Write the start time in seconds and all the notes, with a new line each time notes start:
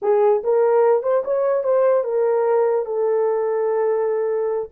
0.02 G#4
0.43 A#4
1.02 C5
1.24 C#5
1.63 C5
2.04 A#4
2.85 A4